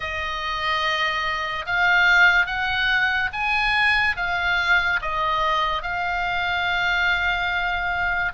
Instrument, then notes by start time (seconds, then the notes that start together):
oboe
0.00 D#5
1.66 F5
2.46 F#5
3.32 G#5
4.16 F5
5.02 D#5
5.82 F5